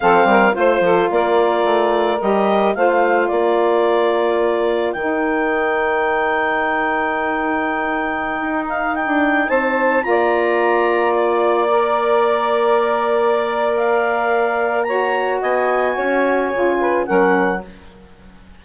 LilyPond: <<
  \new Staff \with { instrumentName = "clarinet" } { \time 4/4 \tempo 4 = 109 f''4 c''4 d''2 | dis''4 f''4 d''2~ | d''4 g''2.~ | g''2.~ g''8. f''16~ |
f''16 g''4 a''4 ais''4.~ ais''16~ | ais''16 d''2.~ d''8.~ | d''4 f''2 ais''4 | gis''2. fis''4 | }
  \new Staff \with { instrumentName = "saxophone" } { \time 4/4 a'8 ais'8 c''8 a'8 ais'2~ | ais'4 c''4 ais'2~ | ais'1~ | ais'1~ |
ais'4~ ais'16 c''4 d''4.~ d''16~ | d''1~ | d''2. cis''4 | dis''4 cis''4. b'8 ais'4 | }
  \new Staff \with { instrumentName = "saxophone" } { \time 4/4 c'4 f'2. | g'4 f'2.~ | f'4 dis'2.~ | dis'1~ |
dis'2~ dis'16 f'4.~ f'16~ | f'4~ f'16 ais'2~ ais'8.~ | ais'2. fis'4~ | fis'2 f'4 cis'4 | }
  \new Staff \with { instrumentName = "bassoon" } { \time 4/4 f8 g8 a8 f8 ais4 a4 | g4 a4 ais2~ | ais4 dis2.~ | dis2.~ dis16 dis'8.~ |
dis'8 d'8. c'4 ais4.~ ais16~ | ais1~ | ais1 | b4 cis'4 cis4 fis4 | }
>>